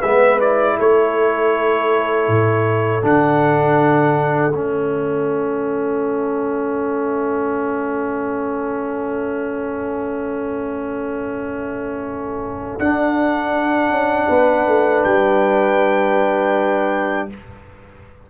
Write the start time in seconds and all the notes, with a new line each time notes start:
0.00 G#3 B3 B4 E5
0.41 E4 D5
0.80 A3 A4 C#5
2.28 A2
3.03 D3 D4 F#5
4.53 A3 C#4 E5
12.79 D4 F#5
13.90 C#4
14.29 B3 B4
14.67 A3
15.04 G3 G5